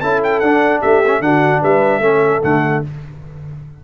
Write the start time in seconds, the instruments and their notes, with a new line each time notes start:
0.00 tuba C#4, trombone E4, horn A4, trumpet A5
0.23 trumpet G5
0.40 tuba D4, trombone D4, trumpet F#5
0.81 tuba A3, horn G4, trumpet E5
1.06 trombone C#4
1.20 tuba D3, trombone D4, horn F#4, trumpet F#5
1.62 tuba G3, horn B4, trumpet E5
1.98 tuba A3, trombone C#4, horn A4
2.43 tuba D3, trombone A3, trumpet F#5